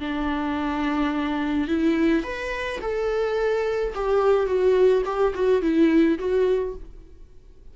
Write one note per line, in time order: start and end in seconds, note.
0.00 1.68 D4
1.68 2.24 E4
2.24 2.80 B4
2.82 3.94 A4
3.95 4.47 G4
4.47 5.03 F#4
5.06 5.34 G4
5.35 5.62 F#4
5.62 6.18 E4
6.19 6.75 F#4